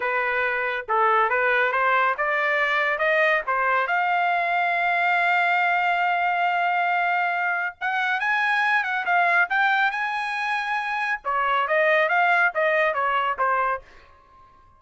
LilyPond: \new Staff \with { instrumentName = "trumpet" } { \time 4/4 \tempo 4 = 139 b'2 a'4 b'4 | c''4 d''2 dis''4 | c''4 f''2.~ | f''1~ |
f''2 fis''4 gis''4~ | gis''8 fis''8 f''4 g''4 gis''4~ | gis''2 cis''4 dis''4 | f''4 dis''4 cis''4 c''4 | }